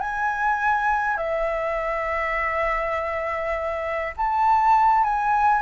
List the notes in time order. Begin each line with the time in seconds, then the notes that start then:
0.00 G#5
1.17 E5
4.17 A5
5.04 G#5